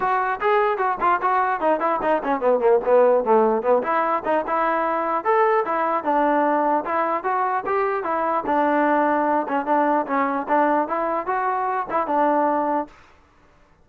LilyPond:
\new Staff \with { instrumentName = "trombone" } { \time 4/4 \tempo 4 = 149 fis'4 gis'4 fis'8 f'8 fis'4 | dis'8 e'8 dis'8 cis'8 b8 ais8 b4 | a4 b8 e'4 dis'8 e'4~ | e'4 a'4 e'4 d'4~ |
d'4 e'4 fis'4 g'4 | e'4 d'2~ d'8 cis'8 | d'4 cis'4 d'4 e'4 | fis'4. e'8 d'2 | }